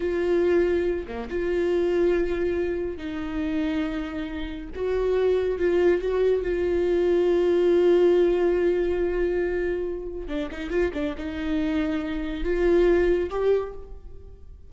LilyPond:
\new Staff \with { instrumentName = "viola" } { \time 4/4 \tempo 4 = 140 f'2~ f'8 ais8 f'4~ | f'2. dis'4~ | dis'2. fis'4~ | fis'4 f'4 fis'4 f'4~ |
f'1~ | f'1 | d'8 dis'8 f'8 d'8 dis'2~ | dis'4 f'2 g'4 | }